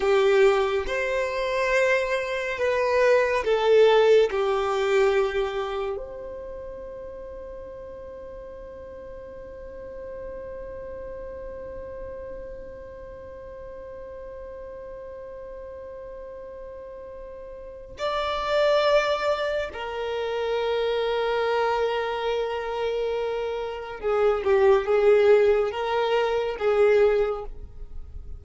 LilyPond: \new Staff \with { instrumentName = "violin" } { \time 4/4 \tempo 4 = 70 g'4 c''2 b'4 | a'4 g'2 c''4~ | c''1~ | c''1~ |
c''1~ | c''4 d''2 ais'4~ | ais'1 | gis'8 g'8 gis'4 ais'4 gis'4 | }